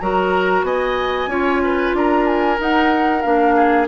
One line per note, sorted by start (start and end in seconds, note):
0.00 0.62 F#3
0.00 1.29 F#4
0.00 0.66 A#4
0.00 0.65 A#5
0.62 1.26 B3
0.62 1.30 D#5
0.62 1.94 G#5
1.26 1.91 C#4
1.26 2.57 F4
1.26 1.62 C#5
1.64 1.96 B4
1.94 2.58 D4
1.94 3.55 A#4
1.94 2.26 A#5
2.26 2.58 G#5
2.57 3.22 D#4
2.57 3.24 D#4
2.57 3.21 F#5
3.21 3.87 A#3
3.21 3.87 D4
3.21 3.86 F5
3.55 3.87 G#4